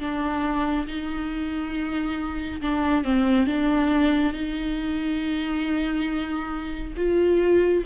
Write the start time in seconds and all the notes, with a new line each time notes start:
0.00 D4
0.87 D#4
2.62 D4
3.04 C4
3.47 D4
4.33 D#4
6.97 F4